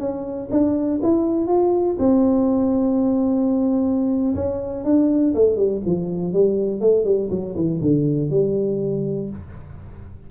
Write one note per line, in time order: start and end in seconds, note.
0.00 0.50 C#4
0.51 1.01 D4
1.03 1.47 E4
1.47 1.97 F4
2.00 4.35 C4
4.35 4.85 C#4
4.85 5.34 D4
5.35 5.57 A3
5.57 5.82 G3
5.86 6.33 F3
6.33 6.81 G3
6.81 7.05 A3
7.05 7.30 G3
7.31 7.56 F#3
7.56 7.81 E3
7.82 8.31 D3
8.31 9.30 G3